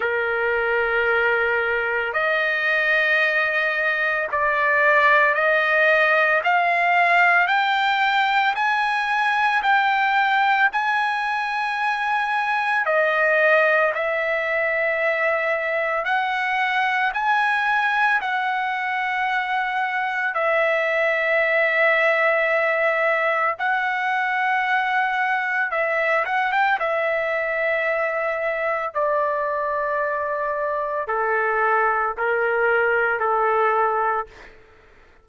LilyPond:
\new Staff \with { instrumentName = "trumpet" } { \time 4/4 \tempo 4 = 56 ais'2 dis''2 | d''4 dis''4 f''4 g''4 | gis''4 g''4 gis''2 | dis''4 e''2 fis''4 |
gis''4 fis''2 e''4~ | e''2 fis''2 | e''8 fis''16 g''16 e''2 d''4~ | d''4 a'4 ais'4 a'4 | }